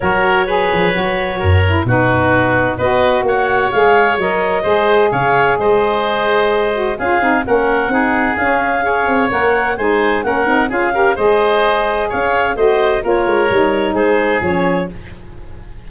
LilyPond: <<
  \new Staff \with { instrumentName = "clarinet" } { \time 4/4 \tempo 4 = 129 cis''1 | b'2 dis''4 fis''4 | f''4 dis''2 f''4 | dis''2. f''4 |
fis''2 f''2 | fis''4 gis''4 fis''4 f''4 | dis''2 f''4 dis''4 | cis''2 c''4 cis''4 | }
  \new Staff \with { instrumentName = "oboe" } { \time 4/4 ais'4 b'2 ais'4 | fis'2 b'4 cis''4~ | cis''2 c''4 cis''4 | c''2. gis'4 |
ais'4 gis'2 cis''4~ | cis''4 c''4 ais'4 gis'8 ais'8 | c''2 cis''4 c''4 | ais'2 gis'2 | }
  \new Staff \with { instrumentName = "saxophone" } { \time 4/4 fis'4 gis'4 fis'4. e'8 | dis'2 fis'2 | gis'4 ais'4 gis'2~ | gis'2~ gis'8 fis'8 f'8 dis'8 |
cis'4 dis'4 cis'4 gis'4 | ais'4 dis'4 cis'8 dis'8 f'8 g'8 | gis'2. fis'4 | f'4 dis'2 cis'4 | }
  \new Staff \with { instrumentName = "tuba" } { \time 4/4 fis4. f8 fis4 fis,4 | b,2 b4 ais4 | gis4 fis4 gis4 cis4 | gis2. cis'8 c'8 |
ais4 c'4 cis'4. c'8 | ais4 gis4 ais8 c'8 cis'4 | gis2 cis'4 a4 | ais8 gis8 g4 gis4 f4 | }
>>